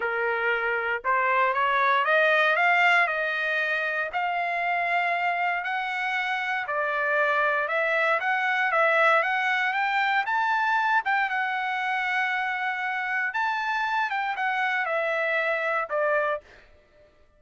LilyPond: \new Staff \with { instrumentName = "trumpet" } { \time 4/4 \tempo 4 = 117 ais'2 c''4 cis''4 | dis''4 f''4 dis''2 | f''2. fis''4~ | fis''4 d''2 e''4 |
fis''4 e''4 fis''4 g''4 | a''4. g''8 fis''2~ | fis''2 a''4. g''8 | fis''4 e''2 d''4 | }